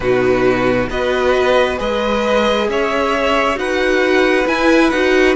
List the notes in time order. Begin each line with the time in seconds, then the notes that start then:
0.00 B2 D#4 F#4 B4
0.89 B3 F#4 B4 D#5
1.77 G#3 G#4 B4 D#5
2.68 C#4 C#5 E5
3.55 D#4 F#4 B4 F#5
4.46 E4 G#5
4.90 D#4 F#4 F#5